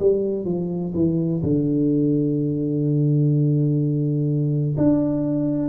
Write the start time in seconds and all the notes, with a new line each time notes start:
0.00 G3
0.45 F3
0.95 E3
1.43 D3
4.78 D4